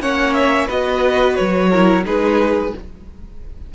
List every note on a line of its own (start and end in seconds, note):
0.00 0.68 A#3
0.00 0.69 C#4
0.00 0.66 C#5
0.00 0.34 F#5
0.34 0.68 E5
0.66 1.38 B3
0.66 1.71 F#4
0.66 1.69 B4
0.66 1.36 D#5
1.36 2.05 F#3
1.36 2.04 C#5
1.70 2.05 E4
1.70 2.04 A#4
2.05 2.73 G#3
2.05 2.73 D#4
2.05 2.75 G#4
2.05 2.74 B4